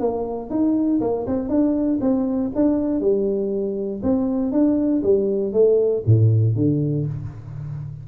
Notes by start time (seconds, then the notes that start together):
0.00 A#3
0.50 D#4
1.01 A#3
1.27 C4
1.49 D4
2.01 C4
2.55 D4
3.01 G3
4.03 C4
4.52 D4
5.03 G3
5.53 A3
6.06 A2
6.56 D3